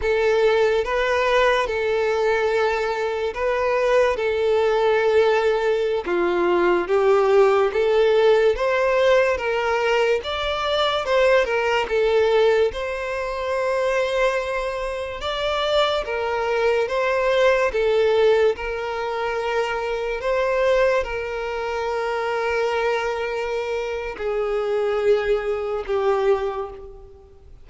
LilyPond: \new Staff \with { instrumentName = "violin" } { \time 4/4 \tempo 4 = 72 a'4 b'4 a'2 | b'4 a'2~ a'16 f'8.~ | f'16 g'4 a'4 c''4 ais'8.~ | ais'16 d''4 c''8 ais'8 a'4 c''8.~ |
c''2~ c''16 d''4 ais'8.~ | ais'16 c''4 a'4 ais'4.~ ais'16~ | ais'16 c''4 ais'2~ ais'8.~ | ais'4 gis'2 g'4 | }